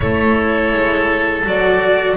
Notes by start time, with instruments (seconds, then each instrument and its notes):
0.00 double bass A3, cello E4, oboe A4, violin C#5
0.72 double bass G#3
1.44 double bass F#3, cello F#4, violin D5